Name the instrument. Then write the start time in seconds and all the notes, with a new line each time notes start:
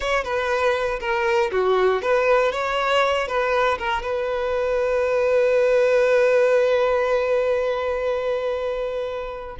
violin
0.00 C#5
0.24 B4
1.00 A#4
1.51 F#4
2.01 B4
2.52 C#5
3.27 B4
3.78 A#4
4.02 B4